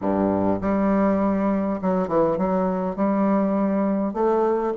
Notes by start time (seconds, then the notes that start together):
0.01 G2
0.61 G3
1.81 F#3
2.08 E3
2.37 F#3
2.95 G3
4.13 A3